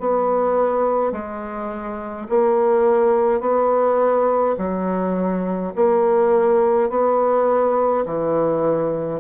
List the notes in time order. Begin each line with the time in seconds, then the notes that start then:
0.00 B3
1.12 G#3
2.29 A#3
3.40 B3
4.58 F#3
5.76 A#3
6.90 B3
8.06 E3